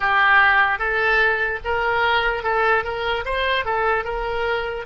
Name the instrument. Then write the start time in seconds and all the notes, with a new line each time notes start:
oboe
0.00 G4
0.78 A4
1.64 A#4
2.43 A4
2.84 A#4
3.25 C5
3.65 A4
4.04 A#4